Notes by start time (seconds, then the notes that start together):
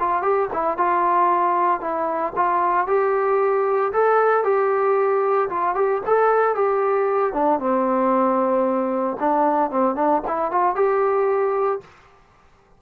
0.00 F4
0.22 G4
0.53 E4
0.78 F4
1.81 E4
2.36 F4
2.87 G4
3.93 A4
4.44 G4
5.50 F4
5.75 G4
6.06 A4
6.55 G4
7.33 D4
7.59 C4
9.20 D4
9.71 C4
9.96 D4
10.28 E4
10.52 F4
10.75 G4